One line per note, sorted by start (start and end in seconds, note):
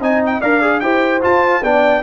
0.00 0.41 C4
0.00 0.42 D#4
0.00 0.41 D#5
0.00 0.23 G#5
0.26 0.41 G5
0.41 0.83 D4
0.41 0.62 A#4
0.41 0.82 D5
0.41 0.80 F5
0.62 0.82 G#4
0.80 1.23 E4
0.80 1.21 G4
0.80 1.64 C5
0.80 1.21 G5
1.21 1.62 F4
1.21 1.63 F4
1.21 1.64 A5
1.63 2.03 B3
1.63 2.03 D4
1.63 2.03 D5
1.63 2.03 G5